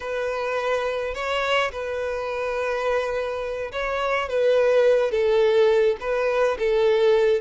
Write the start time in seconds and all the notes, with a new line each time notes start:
0.00 B4
1.14 C#5
1.71 B4
3.71 C#5
4.29 B4
5.11 A4
6.00 B4
6.58 A4